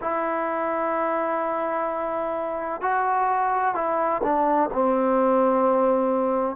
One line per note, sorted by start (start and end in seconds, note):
0.01 2.81 E4
2.81 3.74 F#4
3.74 4.21 E4
4.23 4.70 D4
4.72 6.56 C4